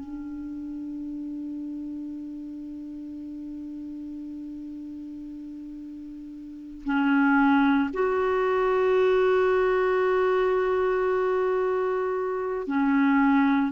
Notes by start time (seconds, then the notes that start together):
0.00 D4
6.85 C#4
7.94 F#4
12.67 C#4